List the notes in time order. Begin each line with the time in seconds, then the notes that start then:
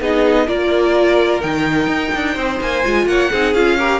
0.00 B3 D#4 G#4 D#5
0.46 A#3 F4 A#4 D5
1.40 D#3 D#4 G5
1.86 D#4
2.14 D4
2.32 C4 C5
2.60 A#3 G#5
2.83 G#3 F4
3.06 A#3 C#5 F#5
3.30 C4 D#4 G#4
3.53 C#4 F4 F5
3.78 G4 A#4